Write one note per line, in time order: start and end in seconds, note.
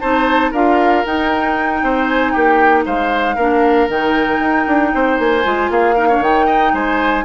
0.00 0.52 C4
0.00 0.53 D#4
0.00 0.51 C5
0.00 0.52 A5
0.51 1.04 D4
0.51 1.05 F4
0.51 1.80 A#4
0.51 1.05 F5
1.05 3.38 D#4
1.05 1.83 D#4
1.05 2.09 G5
1.83 2.35 C4
1.83 2.33 C5
2.09 2.32 G#5
2.32 2.86 A#3
2.32 2.84 G4
2.32 2.83 G5
2.85 3.37 G#3
2.85 3.35 C5
2.85 3.90 F5
3.35 3.88 A#3
3.35 3.89 D4
3.35 4.91 A#4
3.88 4.40 D#3
3.88 5.44 D#4
3.88 5.19 G5
4.40 4.66 D#4
4.67 4.93 D4
4.94 5.19 C4
4.94 5.71 C5
5.19 5.45 A#3
5.19 5.71 G#5
5.44 5.70 G#3
5.44 5.95 F4
5.70 6.20 A#3
5.70 5.95 G#4
5.70 6.23 F5
5.95 6.09 D#4
5.95 6.08 A#4
6.08 6.23 D4
6.08 6.46 C#5
6.20 6.71 D#3
6.20 7.25 D#4
6.20 6.74 G5
6.46 6.72 D#5
6.73 7.25 G#3
6.73 7.25 C5
6.73 7.25 G#5